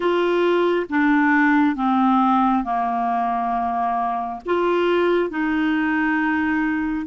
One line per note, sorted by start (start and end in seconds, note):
0.00 0.86 F4
0.89 1.75 D4
1.75 2.64 C4
2.64 4.40 A#3
4.45 5.30 F4
5.30 7.06 D#4